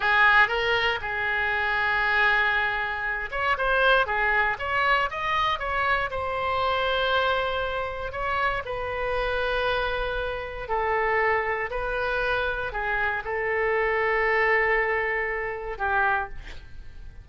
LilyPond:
\new Staff \with { instrumentName = "oboe" } { \time 4/4 \tempo 4 = 118 gis'4 ais'4 gis'2~ | gis'2~ gis'8 cis''8 c''4 | gis'4 cis''4 dis''4 cis''4 | c''1 |
cis''4 b'2.~ | b'4 a'2 b'4~ | b'4 gis'4 a'2~ | a'2. g'4 | }